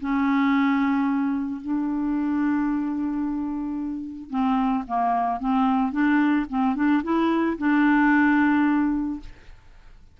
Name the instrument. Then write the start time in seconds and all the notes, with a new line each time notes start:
clarinet
0.00 C#4
1.61 D4
4.29 C4
4.87 A#3
5.40 C4
5.92 D4
6.49 C4
6.75 D4
7.03 E4
7.57 D4